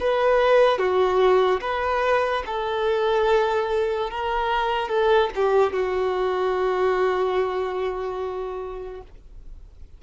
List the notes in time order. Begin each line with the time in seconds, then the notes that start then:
0.00 B4
0.78 F#4
1.61 B4
2.46 A4
4.11 A#4
4.89 A4
5.35 G4
5.73 F#4